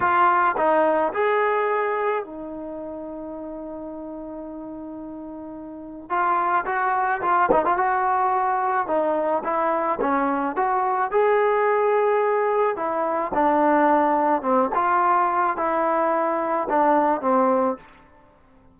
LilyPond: \new Staff \with { instrumentName = "trombone" } { \time 4/4 \tempo 4 = 108 f'4 dis'4 gis'2 | dis'1~ | dis'2. f'4 | fis'4 f'8 dis'16 f'16 fis'2 |
dis'4 e'4 cis'4 fis'4 | gis'2. e'4 | d'2 c'8 f'4. | e'2 d'4 c'4 | }